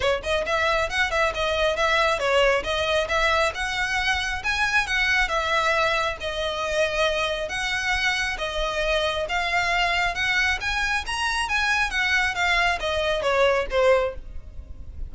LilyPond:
\new Staff \with { instrumentName = "violin" } { \time 4/4 \tempo 4 = 136 cis''8 dis''8 e''4 fis''8 e''8 dis''4 | e''4 cis''4 dis''4 e''4 | fis''2 gis''4 fis''4 | e''2 dis''2~ |
dis''4 fis''2 dis''4~ | dis''4 f''2 fis''4 | gis''4 ais''4 gis''4 fis''4 | f''4 dis''4 cis''4 c''4 | }